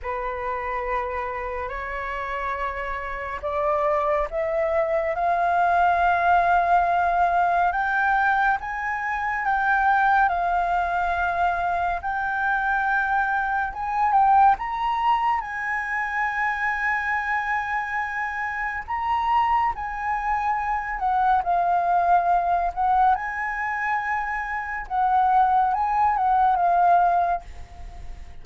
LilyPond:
\new Staff \with { instrumentName = "flute" } { \time 4/4 \tempo 4 = 70 b'2 cis''2 | d''4 e''4 f''2~ | f''4 g''4 gis''4 g''4 | f''2 g''2 |
gis''8 g''8 ais''4 gis''2~ | gis''2 ais''4 gis''4~ | gis''8 fis''8 f''4. fis''8 gis''4~ | gis''4 fis''4 gis''8 fis''8 f''4 | }